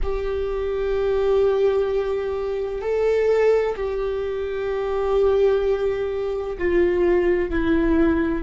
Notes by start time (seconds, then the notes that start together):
0.03 G4
2.81 A4
3.76 G4
6.58 F4
7.50 E4